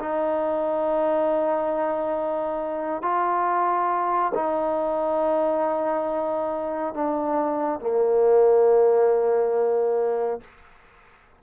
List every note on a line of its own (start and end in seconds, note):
0.00 3.02 D#4
3.02 4.32 F4
4.34 6.94 D#4
6.94 7.80 D4
7.80 10.41 A#3